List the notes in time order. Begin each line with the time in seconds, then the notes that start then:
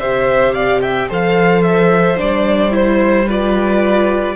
0.00 C3 G4 C5 E5
0.53 D5 F5
0.82 E5 G5
1.09 F3 A4 C5 F5
1.62 E5
2.18 G3 D4 D5
2.71 E4 C5
3.27 F4 B4 D5